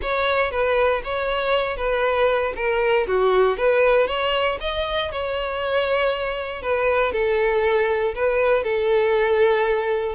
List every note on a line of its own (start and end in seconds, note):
0.02 0.51 C#5
0.51 1.02 B4
1.04 1.76 C#5
1.76 2.53 B4
2.56 3.06 A#4
3.07 3.57 F#4
3.57 4.07 B4
4.07 4.58 C#5
4.60 5.11 D#5
5.11 6.62 C#5
6.62 7.12 B4
7.12 8.14 A4
8.14 8.63 B4
8.63 10.15 A4